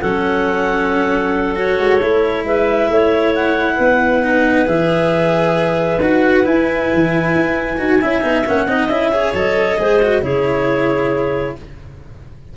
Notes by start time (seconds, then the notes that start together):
0.00 F#3 C#4 A4 F#5
1.55 F#4 C#5
1.78 G#3
2.00 A3 E4
2.44 G#3 B4 E5
2.89 A3 C#5
3.35 F#5
3.76 B3 B4
4.22 D#4
4.65 E3 G#4 E5
5.99 D#4 F#4 F#5
6.43 E4 G#5
6.94 E3
7.34 E4
7.77 D#4 F#4
8.01 C#4 E4 E5
8.21 B3 D#4
8.46 A#3 C#4 F#5
8.66 C4 D#4 D#5
8.88 C#4 E4 E5
9.12 G#4 C#5
9.33 F#3 A4 D#5
9.78 G#3 G#4 C5
10.02 F#4
10.21 C#3 E4 G#4 C#5